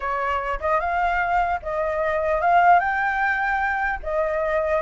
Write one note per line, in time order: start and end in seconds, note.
0.00 0.59 C#5
0.60 0.80 D#5
0.80 1.60 F5
1.62 2.41 D#5
2.41 2.79 F5
2.79 3.99 G5
4.02 4.81 D#5